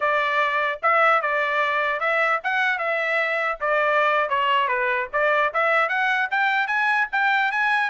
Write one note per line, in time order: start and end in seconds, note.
0.00 0.80 D5
0.82 1.21 E5
1.21 1.99 D5
1.99 2.39 E5
2.43 2.78 F#5
2.78 3.58 E5
3.60 4.29 D5
4.29 4.67 C#5
4.67 5.07 B4
5.12 5.52 D5
5.53 5.88 E5
5.88 6.28 F#5
6.30 6.67 G5
6.67 7.07 G#5
7.11 7.51 G5
7.51 7.90 G#5